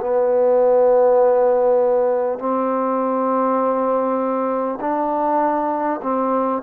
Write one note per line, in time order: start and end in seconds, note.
0.00 2.38 B3
2.38 4.78 C4
4.80 6.00 D4
6.02 6.62 C4